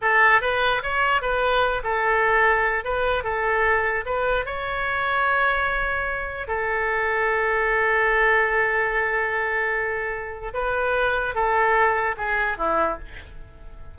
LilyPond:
\new Staff \with { instrumentName = "oboe" } { \time 4/4 \tempo 4 = 148 a'4 b'4 cis''4 b'4~ | b'8 a'2~ a'8 b'4 | a'2 b'4 cis''4~ | cis''1 |
a'1~ | a'1~ | a'2 b'2 | a'2 gis'4 e'4 | }